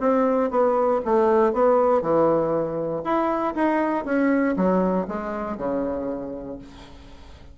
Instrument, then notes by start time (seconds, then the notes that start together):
bassoon
0.00 C4
0.50 B3
1.05 A3
1.53 B3
2.02 E3
3.04 E4
3.55 D#4
4.05 C#4
4.57 F#3
5.08 G#3
5.57 C#3